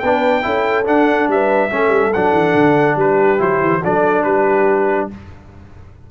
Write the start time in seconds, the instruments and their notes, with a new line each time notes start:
0.00 tuba B3, trombone D4, horn B4, trumpet G5
0.42 tuba C#4, trombone E4, horn A4
0.85 trombone D4, tuba D4, trumpet F#5
1.28 tuba G3, horn B4, trumpet E5
1.70 tuba A3, trombone C#4, horn A4
1.89 tuba G3
2.13 tuba F#3, trombone D4, trumpet F#5
2.32 tuba E3
2.54 tuba D3
2.96 tuba G3, horn G4, trumpet B4
3.38 tuba F#3, trombone E4, trumpet C5
3.61 tuba E3
3.84 tuba F#3, trombone D4, horn A4, trumpet D5
4.24 tuba G3, horn G4, trumpet B4